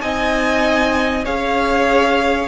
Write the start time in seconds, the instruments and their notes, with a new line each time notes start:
0.00 cello C4, viola D#4, violin D#5 G#5
1.25 cello C#4, viola G#4, violin C#5 F5